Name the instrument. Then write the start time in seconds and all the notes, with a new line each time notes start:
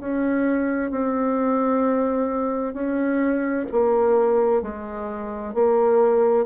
bassoon
0.00 C#4
0.91 C4
2.74 C#4
3.72 A#3
4.62 G#3
5.54 A#3